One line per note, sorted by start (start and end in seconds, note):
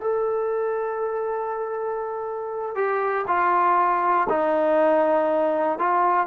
0.00 2.75 A4
2.75 3.25 G4
3.27 4.27 F4
4.29 5.79 D#4
5.79 6.27 F4